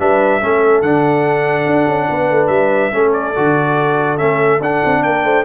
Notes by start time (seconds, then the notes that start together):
0.00 G3 D4 B4 E5
0.40 A3 C#4 A4
0.82 D3 D4 F#5
1.66 D4
1.87 C#4
2.10 B3 B4
2.31 A3
2.47 G3 E5
2.92 A3 C#4 A4
3.13 D5
3.36 D3 F#4
4.18 A3 C#4 E5
4.61 D4 F#5
4.85 C4
5.03 A#3 A#4 G5
5.24 A3 C5